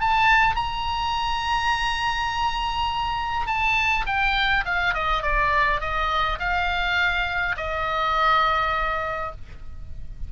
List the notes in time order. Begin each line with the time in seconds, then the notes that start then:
0.00 A5
0.56 A#5
3.47 A5
4.06 G5
4.65 F5
4.94 D#5
5.22 D5
5.80 D#5
6.39 F5
7.57 D#5